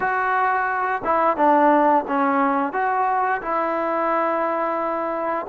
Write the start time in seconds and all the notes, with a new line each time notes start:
0.00 F#4
1.04 E4
1.36 D4
2.07 C#4
2.73 F#4
3.41 E4